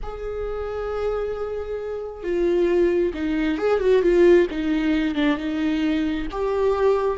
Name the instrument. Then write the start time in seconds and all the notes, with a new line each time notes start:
viola
0.02 G#4
2.23 F4
3.13 D#4
3.58 G#4
3.79 F#4
4.02 F4
4.50 D#4
5.14 D4
5.37 D#4
6.31 G4